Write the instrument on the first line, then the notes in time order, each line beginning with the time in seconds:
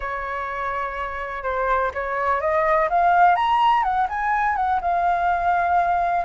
flute
0.00 C#5
1.43 C5
1.94 C#5
2.40 D#5
2.89 F5
3.35 A#5
3.83 F#5
4.09 G#5
4.56 F#5
4.81 F5